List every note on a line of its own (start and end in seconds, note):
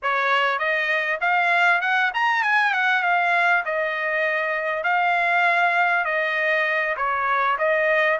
0.02 0.58 C#5
0.58 1.19 D#5
1.21 1.81 F5
1.81 2.11 F#5
2.14 2.42 A#5
2.42 2.73 G#5
2.73 3.02 F#5
3.02 3.63 F5
3.65 4.83 D#5
4.83 6.04 F5
6.04 6.95 D#5
6.96 7.57 C#5
7.58 8.18 D#5